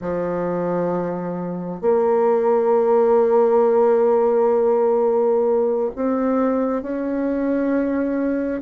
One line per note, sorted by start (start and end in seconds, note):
0.01 1.81 F3
1.81 5.90 A#3
5.95 6.82 C4
6.82 8.61 C#4